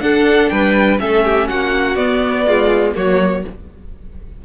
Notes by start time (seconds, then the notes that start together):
0.00 D4 A4 F#5
0.48 G3 B4 G5
0.98 A3 C#4 A4 E5
1.24 G4
1.47 A#3 F#4 F#5
1.95 B3 D5
2.46 G#3 F4
2.94 F#3 A#3 F#4 C#5